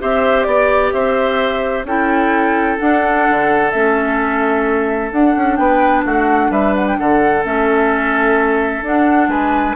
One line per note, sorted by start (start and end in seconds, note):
0.00 0.47 C4
0.00 1.86 G4
0.00 0.48 C5
0.00 0.44 E5
0.44 0.93 B3
0.44 0.90 D5
0.44 0.94 D5
0.93 1.85 C4
0.93 1.87 C5
0.93 1.86 E5
1.85 2.78 C#4
1.85 2.79 E4
1.85 5.60 A4
1.85 2.79 G5
2.79 3.72 D4
2.79 3.29 D4
2.79 3.72 F#5
3.30 3.74 D3
3.72 5.12 A3
3.72 5.14 C#4
3.72 5.11 E5
5.12 5.36 D4
5.12 7.44 D4
5.12 5.57 F#5
5.37 5.59 C#4
5.57 6.05 B3
5.57 6.06 B4
5.57 6.03 G5
6.06 6.51 A3
6.06 6.52 F#4
6.06 6.52 F#5
6.51 6.97 G3
6.51 6.98 B4
6.51 6.76 E5
6.76 6.88 F#5
6.88 6.99 G5
6.99 7.45 D3
6.99 9.30 A4
6.99 7.45 F#5
7.44 8.82 A3
7.44 8.84 C#4
7.44 8.85 E5
8.82 9.28 D4
8.82 9.77 D4
8.82 9.30 F#5
9.28 9.75 G#3
9.28 9.76 B4
9.28 9.76 G#5